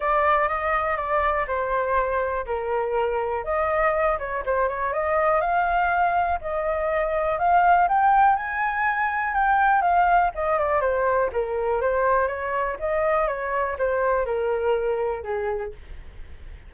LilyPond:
\new Staff \with { instrumentName = "flute" } { \time 4/4 \tempo 4 = 122 d''4 dis''4 d''4 c''4~ | c''4 ais'2 dis''4~ | dis''8 cis''8 c''8 cis''8 dis''4 f''4~ | f''4 dis''2 f''4 |
g''4 gis''2 g''4 | f''4 dis''8 d''8 c''4 ais'4 | c''4 cis''4 dis''4 cis''4 | c''4 ais'2 gis'4 | }